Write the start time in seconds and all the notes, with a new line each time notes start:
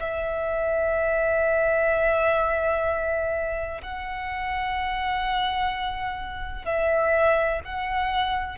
0.00 E5
3.82 F#5
6.65 E5
7.64 F#5